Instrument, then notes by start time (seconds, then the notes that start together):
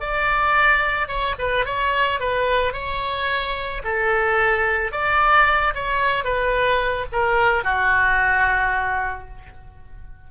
oboe
0.00 D5
1.08 C#5
1.39 B4
1.65 C#5
2.20 B4
2.73 C#5
3.84 A4
4.92 D5
5.74 C#5
6.24 B4
7.12 A#4
7.64 F#4